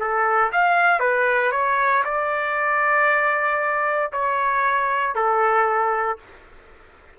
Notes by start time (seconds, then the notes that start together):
0.00 A4
0.53 F5
1.00 B4
1.52 C#5
2.05 D5
4.12 C#5
5.15 A4